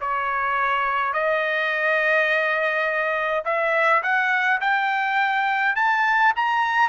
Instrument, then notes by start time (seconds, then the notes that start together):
trumpet
0.00 C#5
1.13 D#5
3.44 E5
4.03 F#5
4.60 G5
5.75 A5
6.36 A#5